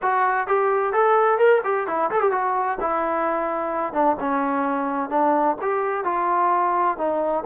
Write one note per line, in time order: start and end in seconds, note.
0.01 0.47 F#4
0.47 0.92 G4
0.92 1.38 A4
1.38 1.61 A#4
1.63 1.87 G4
1.87 2.10 E4
2.10 2.21 A4
2.21 2.31 G4
2.31 2.78 F#4
2.80 3.93 E4
3.93 4.16 D4
4.20 5.09 C#4
5.09 5.56 D4
5.61 6.04 G4
6.04 6.97 F4
6.97 7.44 D#4